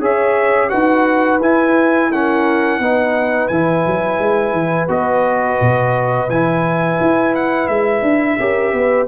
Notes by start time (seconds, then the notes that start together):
0.00 C#4 G#4 C#5 E5
0.69 D#4 F#4 B4 F#5
1.40 E4 G#5
2.11 C#4 A#4 F#5
2.79 B3 D#4 B4
3.48 E3 E4 G#5
3.86 F#3
4.19 G#3
4.52 E3
4.88 B3 F#4 D#5
5.61 B2
6.30 E3 E4 G#5
7.01 E4
7.35 F#5
7.67 G#3 E5
8.02 D4
8.39 C#4 G4 A#4
8.73 B3 B4